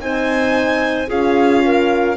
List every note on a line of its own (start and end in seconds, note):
0.00 1.09 C4
0.00 1.09 D#4
0.00 1.08 C5
0.00 1.10 G#5
1.08 2.17 C#4
1.08 2.17 F4
1.08 1.63 G#4
1.08 2.17 F5
1.64 2.17 A#4